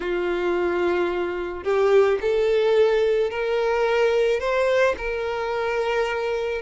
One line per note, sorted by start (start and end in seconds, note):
0.00 1.63 F4
1.63 2.18 G4
2.21 3.30 A4
3.30 4.40 A#4
4.40 4.95 C5
4.97 6.61 A#4